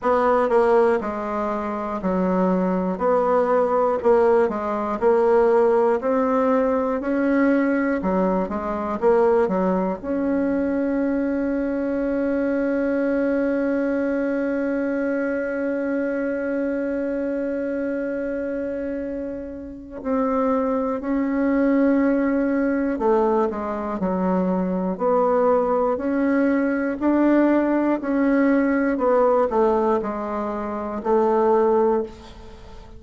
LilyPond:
\new Staff \with { instrumentName = "bassoon" } { \time 4/4 \tempo 4 = 60 b8 ais8 gis4 fis4 b4 | ais8 gis8 ais4 c'4 cis'4 | fis8 gis8 ais8 fis8 cis'2~ | cis'1~ |
cis'1 | c'4 cis'2 a8 gis8 | fis4 b4 cis'4 d'4 | cis'4 b8 a8 gis4 a4 | }